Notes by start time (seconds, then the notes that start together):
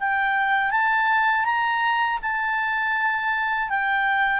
0.00 G5
0.71 A5
1.45 A#5
2.22 A5
3.70 G5